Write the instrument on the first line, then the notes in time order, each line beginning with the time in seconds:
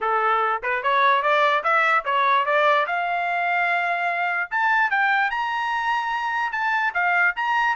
trumpet
0.00 A4
0.62 B4
0.83 C#5
1.22 D5
1.63 E5
2.04 C#5
2.45 D5
2.86 F5
4.50 A5
4.90 G5
5.30 A#5
6.52 A5
6.94 F5
7.36 A#5